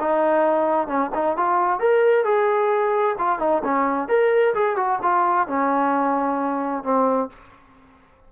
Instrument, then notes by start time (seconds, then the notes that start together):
trombone
0.00 D#4
0.88 C#4
1.15 D#4
1.37 F4
1.80 A#4
2.24 G#4
3.19 F4
3.40 D#4
3.64 C#4
4.09 A#4
4.55 G#4
4.77 F#4
5.03 F4
5.48 C#4
6.84 C4